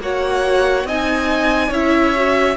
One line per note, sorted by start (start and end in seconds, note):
0.00 0.85 A#3
0.00 0.87 F#4
0.00 0.87 C#5
0.00 0.88 F#5
0.85 1.71 C4
0.85 1.73 D#4
0.85 1.69 D#5
0.85 1.74 G#5
1.69 2.57 C#4
1.69 2.16 E4
1.69 2.55 C#5
1.69 2.57 E5
2.16 2.57 F#4